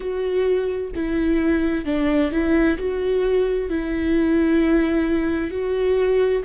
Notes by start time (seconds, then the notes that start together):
0.00 F#4
0.95 E4
1.85 D4
2.31 E4
2.78 F#4
3.69 E4
5.50 F#4